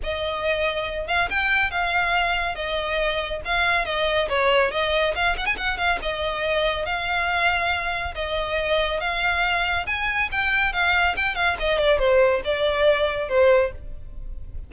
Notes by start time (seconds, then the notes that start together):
0.03 D#5
1.07 F5
1.30 G5
1.70 F5
2.55 D#5
3.44 F5
3.85 D#5
4.28 C#5
4.71 D#5
5.15 F5
5.37 F#5
5.45 G#5
5.57 F#5
5.77 F5
6.01 D#5
6.85 F5
8.14 D#5
9.00 F5
9.86 G#5
10.31 G5
10.72 F5
11.16 G5
11.35 F5
11.59 D#5
11.78 D5
11.98 C5
12.44 D5
13.28 C5